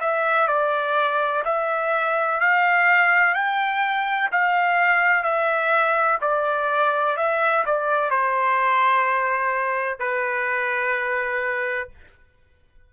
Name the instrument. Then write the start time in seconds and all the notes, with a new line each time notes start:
trumpet
0.00 E5
0.48 D5
1.45 E5
2.40 F5
3.34 G5
4.32 F5
5.23 E5
6.21 D5
7.16 E5
7.65 D5
8.10 C5
9.99 B4